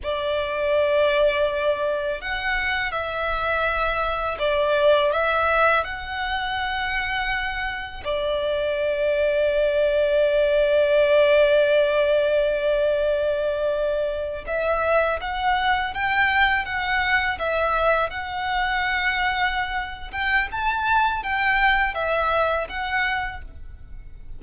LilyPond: \new Staff \with { instrumentName = "violin" } { \time 4/4 \tempo 4 = 82 d''2. fis''4 | e''2 d''4 e''4 | fis''2. d''4~ | d''1~ |
d''2.~ d''8. e''16~ | e''8. fis''4 g''4 fis''4 e''16~ | e''8. fis''2~ fis''8. g''8 | a''4 g''4 e''4 fis''4 | }